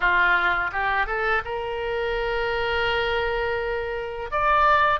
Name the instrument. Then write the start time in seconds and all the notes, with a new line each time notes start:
oboe
0.00 F4
0.72 G4
1.06 A4
1.44 A#4
4.31 D5